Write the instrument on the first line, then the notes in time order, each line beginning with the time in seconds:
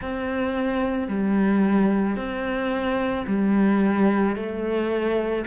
cello
0.01 C4
1.08 G3
2.16 C4
3.27 G3
4.35 A3